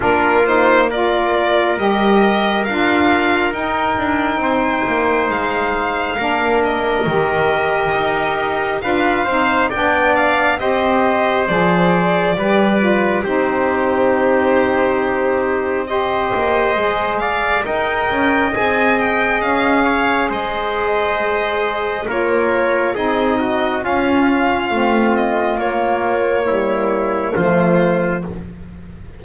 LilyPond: <<
  \new Staff \with { instrumentName = "violin" } { \time 4/4 \tempo 4 = 68 ais'8 c''8 d''4 dis''4 f''4 | g''2 f''4. dis''8~ | dis''2 f''4 g''8 f''8 | dis''4 d''2 c''4~ |
c''2 dis''4. f''8 | g''4 gis''8 g''8 f''4 dis''4~ | dis''4 cis''4 dis''4 f''4~ | f''8 dis''8 cis''2 c''4 | }
  \new Staff \with { instrumentName = "trumpet" } { \time 4/4 f'4 ais'2.~ | ais'4 c''2 ais'4~ | ais'2 b'8 c''8 d''4 | c''2 b'4 g'4~ |
g'2 c''4. d''8 | dis''2~ dis''8 cis''8 c''4~ | c''4 ais'4 gis'8 fis'8 f'4~ | f'2 e'4 f'4 | }
  \new Staff \with { instrumentName = "saxophone" } { \time 4/4 d'8 dis'8 f'4 g'4 f'4 | dis'2. d'4 | g'2 f'8 dis'8 d'4 | g'4 gis'4 g'8 f'8 dis'4~ |
dis'2 g'4 gis'4 | ais'4 gis'2.~ | gis'4 f'4 dis'4 cis'4 | c'4 ais4 g4 a4 | }
  \new Staff \with { instrumentName = "double bass" } { \time 4/4 ais2 g4 d'4 | dis'8 d'8 c'8 ais8 gis4 ais4 | dis4 dis'4 d'8 c'8 b4 | c'4 f4 g4 c'4~ |
c'2~ c'8 ais8 gis4 | dis'8 cis'8 c'4 cis'4 gis4~ | gis4 ais4 c'4 cis'4 | a4 ais2 f4 | }
>>